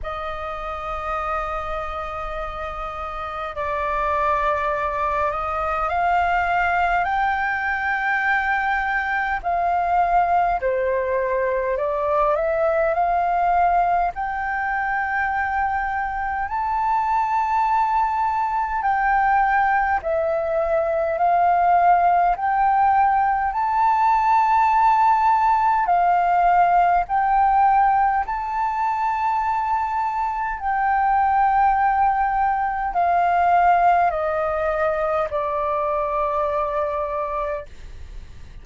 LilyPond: \new Staff \with { instrumentName = "flute" } { \time 4/4 \tempo 4 = 51 dis''2. d''4~ | d''8 dis''8 f''4 g''2 | f''4 c''4 d''8 e''8 f''4 | g''2 a''2 |
g''4 e''4 f''4 g''4 | a''2 f''4 g''4 | a''2 g''2 | f''4 dis''4 d''2 | }